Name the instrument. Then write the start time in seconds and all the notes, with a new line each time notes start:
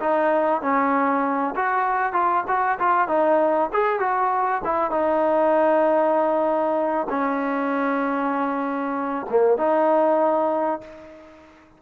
trombone
0.00 D#4
0.62 C#4
1.55 F#4
2.13 F4
2.47 F#4
2.79 F4
3.08 D#4
3.73 G#4
4.00 F#4
4.64 E4
4.91 D#4
7.09 C#4
9.30 A#3
9.57 D#4